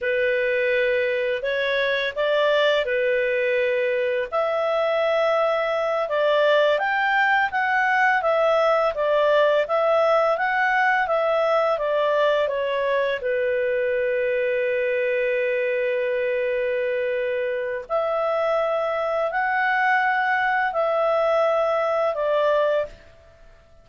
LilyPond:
\new Staff \with { instrumentName = "clarinet" } { \time 4/4 \tempo 4 = 84 b'2 cis''4 d''4 | b'2 e''2~ | e''8 d''4 g''4 fis''4 e''8~ | e''8 d''4 e''4 fis''4 e''8~ |
e''8 d''4 cis''4 b'4.~ | b'1~ | b'4 e''2 fis''4~ | fis''4 e''2 d''4 | }